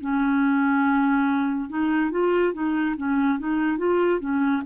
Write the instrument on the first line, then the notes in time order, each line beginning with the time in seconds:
clarinet
0.00 C#4
1.69 D#4
2.10 F4
2.53 D#4
2.97 C#4
3.38 D#4
3.77 F4
4.20 C#4